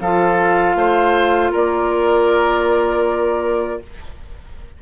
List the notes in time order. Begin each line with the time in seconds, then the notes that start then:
0.00 F3 F4 A4 F5
0.75 A3 C5
1.51 A#3 A#4 D5